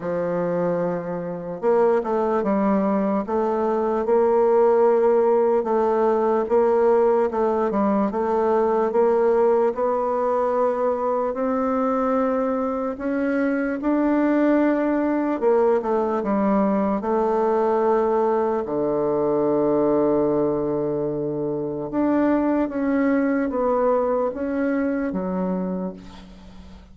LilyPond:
\new Staff \with { instrumentName = "bassoon" } { \time 4/4 \tempo 4 = 74 f2 ais8 a8 g4 | a4 ais2 a4 | ais4 a8 g8 a4 ais4 | b2 c'2 |
cis'4 d'2 ais8 a8 | g4 a2 d4~ | d2. d'4 | cis'4 b4 cis'4 fis4 | }